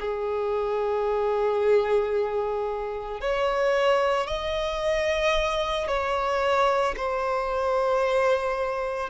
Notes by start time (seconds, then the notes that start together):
0.00 G#4
3.21 C#5
4.27 D#5
5.88 C#5
6.97 C5